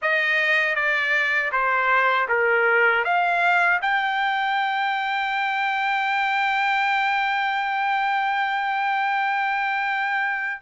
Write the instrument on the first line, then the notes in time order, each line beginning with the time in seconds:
trumpet
0.01 D#5
0.75 D5
1.52 C5
2.28 A#4
3.04 F5
3.81 G5